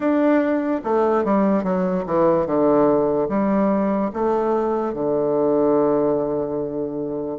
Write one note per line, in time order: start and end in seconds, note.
0.00 0.81 D4
0.84 1.24 A3
1.24 1.63 G3
1.63 2.04 F#3
2.06 2.46 E3
2.46 3.28 D3
3.28 4.11 G3
4.13 4.93 A3
4.93 7.38 D3